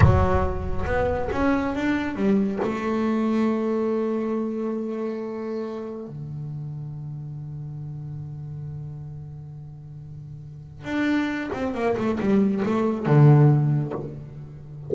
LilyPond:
\new Staff \with { instrumentName = "double bass" } { \time 4/4 \tempo 4 = 138 fis2 b4 cis'4 | d'4 g4 a2~ | a1~ | a2 d2~ |
d1~ | d1~ | d4 d'4. c'8 ais8 a8 | g4 a4 d2 | }